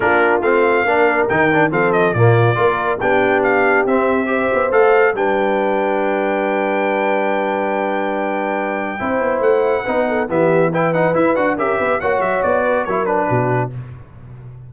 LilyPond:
<<
  \new Staff \with { instrumentName = "trumpet" } { \time 4/4 \tempo 4 = 140 ais'4 f''2 g''4 | f''8 dis''8 d''2 g''4 | f''4 e''2 f''4 | g''1~ |
g''1~ | g''2 fis''2 | e''4 g''8 fis''8 e''8 fis''8 e''4 | fis''8 e''8 d''4 cis''8 b'4. | }
  \new Staff \with { instrumentName = "horn" } { \time 4/4 f'2 ais'2 | a'4 f'4 ais'4 g'4~ | g'2 c''2 | b'1~ |
b'1~ | b'4 c''2 b'8 a'8 | g'4 b'2 ais'8 b'8 | cis''4. b'8 ais'4 fis'4 | }
  \new Staff \with { instrumentName = "trombone" } { \time 4/4 d'4 c'4 d'4 dis'8 d'8 | c'4 ais4 f'4 d'4~ | d'4 c'4 g'4 a'4 | d'1~ |
d'1~ | d'4 e'2 dis'4 | b4 e'8 dis'8 e'8 fis'8 g'4 | fis'2 e'8 d'4. | }
  \new Staff \with { instrumentName = "tuba" } { \time 4/4 ais4 a4 ais4 dis4 | f4 ais,4 ais4 b4~ | b4 c'4. b8 a4 | g1~ |
g1~ | g4 c'8 b8 a4 b4 | e2 e'8 d'8 cis'8 b8 | ais8 fis8 b4 fis4 b,4 | }
>>